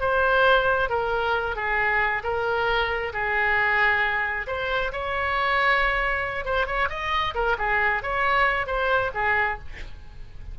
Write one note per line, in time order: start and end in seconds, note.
0.00 0.89 C5
0.89 1.55 A#4
1.55 2.22 G#4
2.23 3.12 A#4
3.13 4.46 G#4
4.47 4.91 C5
4.92 6.44 C#5
6.44 6.66 C5
6.66 6.88 C#5
6.89 7.34 D#5
7.34 7.56 A#4
7.58 8.02 G#4
8.02 8.66 C#5
8.66 9.11 C5
9.14 9.58 G#4